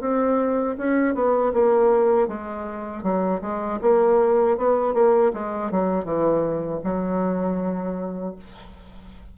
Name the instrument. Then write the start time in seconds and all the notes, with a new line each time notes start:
bassoon
0.00 C4
0.78 C#4
1.14 B3
1.53 A#3
2.28 G#3
3.03 F#3
3.41 G#3
3.81 A#3
4.57 B3
4.93 A#3
5.33 G#3
5.71 F#3
6.04 E3
6.84 F#3